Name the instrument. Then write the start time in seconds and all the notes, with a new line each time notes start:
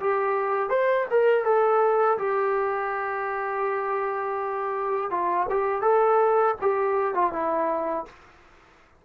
trombone
0.00 G4
0.70 C5
1.10 A#4
1.44 A4
2.18 G4
5.11 F4
5.50 G4
5.81 A4
6.61 G4
7.14 F4
7.32 E4